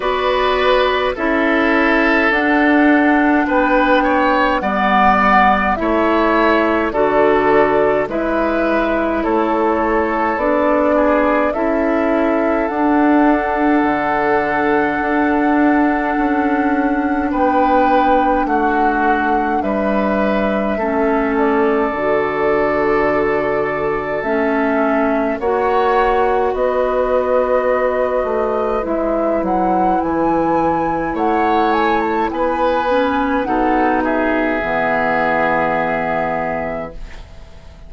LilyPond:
<<
  \new Staff \with { instrumentName = "flute" } { \time 4/4 \tempo 4 = 52 d''4 e''4 fis''4 g''4 | fis''4 e''4 d''4 e''4 | cis''4 d''4 e''4 fis''4~ | fis''2. g''4 |
fis''4 e''4. d''4.~ | d''4 e''4 fis''4 dis''4~ | dis''4 e''8 fis''8 gis''4 fis''8 gis''16 a''16 | gis''4 fis''8 e''2~ e''8 | }
  \new Staff \with { instrumentName = "oboe" } { \time 4/4 b'4 a'2 b'8 cis''8 | d''4 cis''4 a'4 b'4 | a'4. gis'8 a'2~ | a'2. b'4 |
fis'4 b'4 a'2~ | a'2 cis''4 b'4~ | b'2. cis''4 | b'4 a'8 gis'2~ gis'8 | }
  \new Staff \with { instrumentName = "clarinet" } { \time 4/4 fis'4 e'4 d'2 | b4 e'4 fis'4 e'4~ | e'4 d'4 e'4 d'4~ | d'1~ |
d'2 cis'4 fis'4~ | fis'4 cis'4 fis'2~ | fis'4 e'2.~ | e'8 cis'8 dis'4 b2 | }
  \new Staff \with { instrumentName = "bassoon" } { \time 4/4 b4 cis'4 d'4 b4 | g4 a4 d4 gis4 | a4 b4 cis'4 d'4 | d4 d'4 cis'4 b4 |
a4 g4 a4 d4~ | d4 a4 ais4 b4~ | b8 a8 gis8 fis8 e4 a4 | b4 b,4 e2 | }
>>